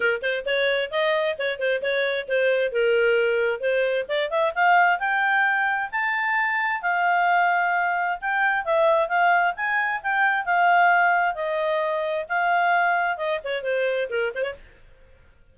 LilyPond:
\new Staff \with { instrumentName = "clarinet" } { \time 4/4 \tempo 4 = 132 ais'8 c''8 cis''4 dis''4 cis''8 c''8 | cis''4 c''4 ais'2 | c''4 d''8 e''8 f''4 g''4~ | g''4 a''2 f''4~ |
f''2 g''4 e''4 | f''4 gis''4 g''4 f''4~ | f''4 dis''2 f''4~ | f''4 dis''8 cis''8 c''4 ais'8 c''16 cis''16 | }